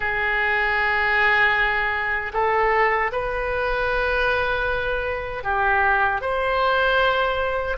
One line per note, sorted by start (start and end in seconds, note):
0.00 2.32 G#4
2.33 3.11 A4
3.12 5.43 B4
5.43 6.21 G4
6.21 7.77 C5